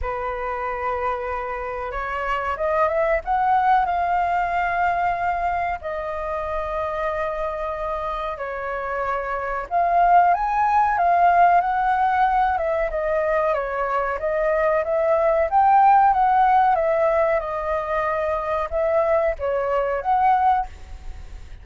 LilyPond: \new Staff \with { instrumentName = "flute" } { \time 4/4 \tempo 4 = 93 b'2. cis''4 | dis''8 e''8 fis''4 f''2~ | f''4 dis''2.~ | dis''4 cis''2 f''4 |
gis''4 f''4 fis''4. e''8 | dis''4 cis''4 dis''4 e''4 | g''4 fis''4 e''4 dis''4~ | dis''4 e''4 cis''4 fis''4 | }